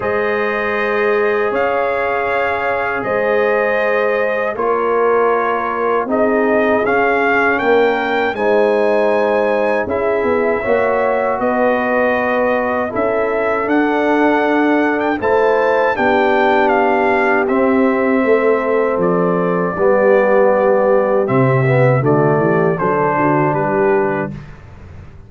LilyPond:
<<
  \new Staff \with { instrumentName = "trumpet" } { \time 4/4 \tempo 4 = 79 dis''2 f''2 | dis''2 cis''2 | dis''4 f''4 g''4 gis''4~ | gis''4 e''2 dis''4~ |
dis''4 e''4 fis''4.~ fis''16 g''16 | a''4 g''4 f''4 e''4~ | e''4 d''2. | e''4 d''4 c''4 b'4 | }
  \new Staff \with { instrumentName = "horn" } { \time 4/4 c''2 cis''2 | c''2 ais'2 | gis'2 ais'4 c''4~ | c''4 gis'4 cis''4 b'4~ |
b'4 a'2. | c''4 g'2. | a'2 g'2~ | g'4 fis'8 g'8 a'8 fis'8 g'4 | }
  \new Staff \with { instrumentName = "trombone" } { \time 4/4 gis'1~ | gis'2 f'2 | dis'4 cis'2 dis'4~ | dis'4 e'4 fis'2~ |
fis'4 e'4 d'2 | e'4 d'2 c'4~ | c'2 b2 | c'8 b8 a4 d'2 | }
  \new Staff \with { instrumentName = "tuba" } { \time 4/4 gis2 cis'2 | gis2 ais2 | c'4 cis'4 ais4 gis4~ | gis4 cis'8 b8 ais4 b4~ |
b4 cis'4 d'2 | a4 b2 c'4 | a4 f4 g2 | c4 d8 e8 fis8 d8 g4 | }
>>